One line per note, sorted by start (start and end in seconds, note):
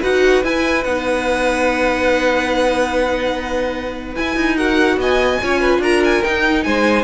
0.00 0.44 D#4
0.00 0.43 F#4
0.00 4.55 B4
0.00 0.44 F#5
0.43 0.85 E4
0.43 0.84 E4
0.43 0.84 G#5
0.84 4.15 B3
0.84 4.16 D#4
0.84 4.15 F#5
4.15 4.57 E4
4.15 4.35 E4
4.15 4.57 G#5
4.35 4.96 D#4
4.55 5.40 F#4
4.55 4.97 A#4
4.55 4.98 F#5
4.96 5.38 B3
4.96 5.41 D#5
4.96 5.82 G#5
5.42 5.78 C#4
5.42 6.23 F4
5.42 5.60 C#5
5.60 5.81 B4
5.78 6.20 D4
5.78 6.64 A#4
5.78 6.03 A#5
6.04 6.23 G#5
6.23 7.04 D#4
6.23 6.66 D#4
6.23 6.63 G5
6.63 7.04 G#3
6.63 7.04 C5
6.63 7.04 G#5